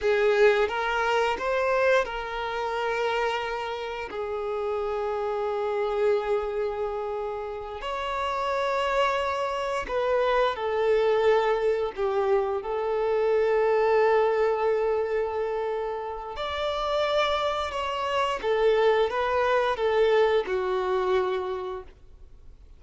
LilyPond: \new Staff \with { instrumentName = "violin" } { \time 4/4 \tempo 4 = 88 gis'4 ais'4 c''4 ais'4~ | ais'2 gis'2~ | gis'2.~ gis'8 cis''8~ | cis''2~ cis''8 b'4 a'8~ |
a'4. g'4 a'4.~ | a'1 | d''2 cis''4 a'4 | b'4 a'4 fis'2 | }